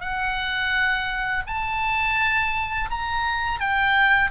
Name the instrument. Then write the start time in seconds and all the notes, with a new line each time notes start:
oboe
0.00 F#5
1.46 A5
2.90 A#5
3.59 G5